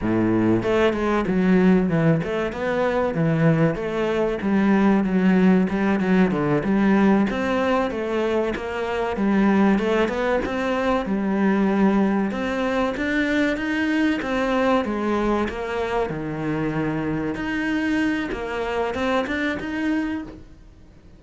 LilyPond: \new Staff \with { instrumentName = "cello" } { \time 4/4 \tempo 4 = 95 a,4 a8 gis8 fis4 e8 a8 | b4 e4 a4 g4 | fis4 g8 fis8 d8 g4 c'8~ | c'8 a4 ais4 g4 a8 |
b8 c'4 g2 c'8~ | c'8 d'4 dis'4 c'4 gis8~ | gis8 ais4 dis2 dis'8~ | dis'4 ais4 c'8 d'8 dis'4 | }